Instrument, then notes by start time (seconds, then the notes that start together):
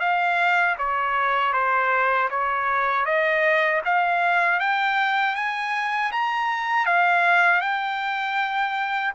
trumpet
0.00 F5
0.78 C#5
1.53 C5
2.30 C#5
3.05 D#5
3.85 F5
4.60 G5
5.35 G#5
6.12 A#5
6.86 F5
7.61 G5